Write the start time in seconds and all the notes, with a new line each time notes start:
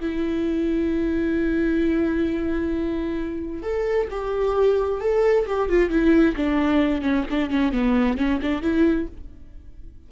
0.00 E4
3.63 A4
4.11 G4
5.01 A4
5.46 G4
5.69 F4
5.90 E4
6.36 D4
7.01 C#4
7.30 D4
7.50 C#4
7.72 B3
8.18 C#4
8.42 D4
8.62 E4